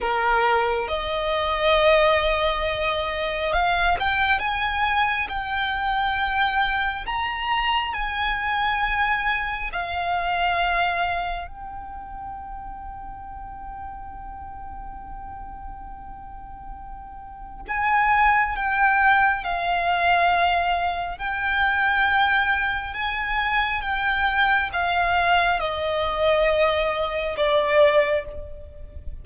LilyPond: \new Staff \with { instrumentName = "violin" } { \time 4/4 \tempo 4 = 68 ais'4 dis''2. | f''8 g''8 gis''4 g''2 | ais''4 gis''2 f''4~ | f''4 g''2.~ |
g''1 | gis''4 g''4 f''2 | g''2 gis''4 g''4 | f''4 dis''2 d''4 | }